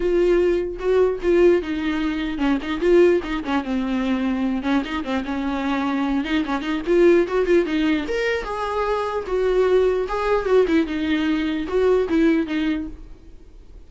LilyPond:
\new Staff \with { instrumentName = "viola" } { \time 4/4 \tempo 4 = 149 f'2 fis'4 f'4 | dis'2 cis'8 dis'8 f'4 | dis'8 cis'8 c'2~ c'8 cis'8 | dis'8 c'8 cis'2~ cis'8 dis'8 |
cis'8 dis'8 f'4 fis'8 f'8 dis'4 | ais'4 gis'2 fis'4~ | fis'4 gis'4 fis'8 e'8 dis'4~ | dis'4 fis'4 e'4 dis'4 | }